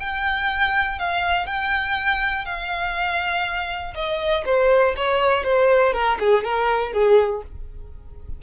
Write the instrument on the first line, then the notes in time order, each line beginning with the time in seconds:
violin
0.00 G5
0.99 F5
1.47 G5
2.46 F5
3.95 D#5
4.46 C5
4.97 C#5
5.44 C5
5.93 A#4
6.20 G#4
6.44 A#4
6.93 G#4